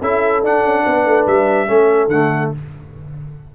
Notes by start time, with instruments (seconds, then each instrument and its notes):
0.00 tuba C#4, trombone E4, horn A4, trumpet E5
0.44 tuba D4, trombone D4, trumpet F#5
0.62 tuba C#4
0.85 tuba B3, horn B4
1.06 tuba A3
1.27 tuba G3, trumpet E5
1.67 tuba A3, trombone C#4, horn A4
2.08 tuba D3, trombone A3, trumpet F#5